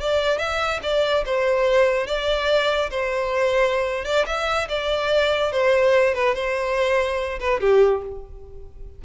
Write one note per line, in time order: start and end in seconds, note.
0.00 0.38 D5
0.38 0.80 E5
0.83 1.25 D5
1.25 2.07 C5
2.07 2.90 D5
2.90 4.05 C5
4.05 4.26 D5
4.27 4.68 E5
4.69 5.52 D5
5.52 6.14 C5
6.14 6.35 B4
6.35 7.39 C5
7.40 7.60 B4
7.60 8.02 G4